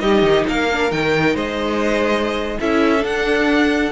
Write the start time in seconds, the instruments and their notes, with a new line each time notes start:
0.00 cello G3, viola D#4, violin G4 D#5
0.22 cello D#3
0.48 cello A#3, violin A#4 F5
0.72 viola D4
0.91 cello D#3, viola D#4, violin G5
1.35 cello G#3, violin C5 D#5
2.60 cello C#4, viola E4, violin A4 E5
2.99 viola D4, cello D4, violin F#5